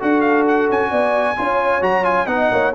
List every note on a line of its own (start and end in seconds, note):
0.00 0.69 D4
0.00 1.36 F#4
0.00 0.91 A4
0.00 0.21 F#5
0.21 0.44 F5
0.47 0.70 F#5
0.69 0.92 C#4
0.69 1.83 G#5
0.91 1.37 B3
0.91 1.36 D5
1.37 1.81 C#4
1.37 1.82 F4
1.37 2.27 C#5
1.81 2.27 F#3
1.81 2.04 F#4
1.81 2.05 A#5
2.04 2.26 F4
2.04 2.27 G#5
2.27 2.50 B3
2.27 2.73 D#4
2.27 2.50 D#5
2.27 2.72 F#5
2.52 2.75 A#3
2.52 2.75 C#5